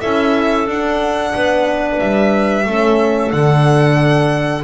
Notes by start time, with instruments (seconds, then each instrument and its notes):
0.00 double bass C#4, horn E4, clarinet A4, violin E5
0.67 double bass D4, horn D4, violin F#5
1.35 double bass B3, clarinet B4
2.00 double bass G3, violin E5
2.66 double bass A3, horn C#4, clarinet A4
3.31 double bass D3, horn D4, violin F#5